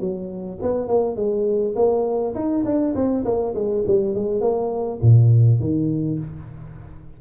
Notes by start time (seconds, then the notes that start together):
0.00 F#3
0.62 B3
0.87 A#3
1.16 G#3
1.76 A#3
2.35 D#4
2.65 D4
2.95 C4
3.25 A#3
3.55 G#3
3.87 G3
4.15 G#3
4.41 A#3
5.02 A#2
5.60 D#3